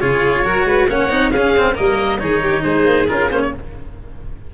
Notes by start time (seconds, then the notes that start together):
0.00 C#3 F4 G#4 C#5
0.44 F#3 F#4 A#4
0.65 G#3 B4
0.88 A#3 C#4 C#5 F#5
1.10 C4 D#4
1.31 C#4 G#4 F5
1.57 C4
1.74 G3 A#3 A#4 D#5
2.19 D#3 D#4 G#4 C#5
2.43 G4
2.63 G#3 G#4 C5
2.86 A#3
3.08 C#4 F4 A#4
3.31 A#3 C#4 C5
3.41 C#5